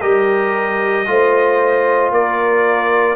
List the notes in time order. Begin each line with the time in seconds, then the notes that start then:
0.00 G3 G4 A#4 D#5
1.07 A3 F4 C5
2.11 A#3 A#4 D5